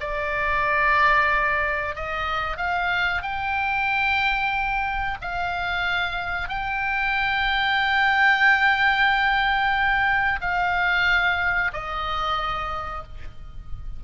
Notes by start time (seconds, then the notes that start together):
0.00 D5
1.95 D#5
2.57 F5
3.22 G5
5.21 F5
6.49 G5
10.41 F5
11.73 D#5